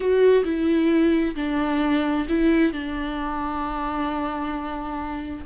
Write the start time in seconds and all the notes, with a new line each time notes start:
0.00 F#4
0.44 E4
1.35 D4
2.29 E4
2.72 D4